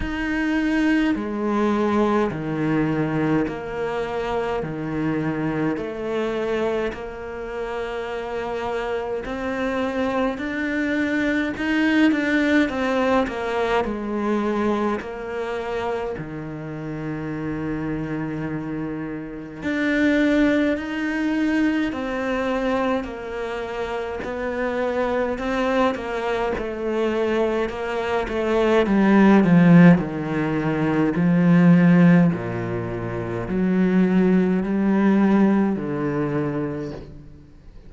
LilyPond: \new Staff \with { instrumentName = "cello" } { \time 4/4 \tempo 4 = 52 dis'4 gis4 dis4 ais4 | dis4 a4 ais2 | c'4 d'4 dis'8 d'8 c'8 ais8 | gis4 ais4 dis2~ |
dis4 d'4 dis'4 c'4 | ais4 b4 c'8 ais8 a4 | ais8 a8 g8 f8 dis4 f4 | ais,4 fis4 g4 d4 | }